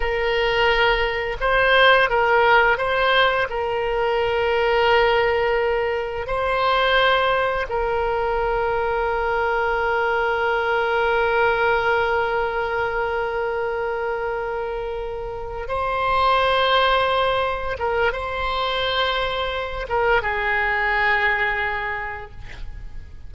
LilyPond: \new Staff \with { instrumentName = "oboe" } { \time 4/4 \tempo 4 = 86 ais'2 c''4 ais'4 | c''4 ais'2.~ | ais'4 c''2 ais'4~ | ais'1~ |
ais'1~ | ais'2~ ais'8 c''4.~ | c''4. ais'8 c''2~ | c''8 ais'8 gis'2. | }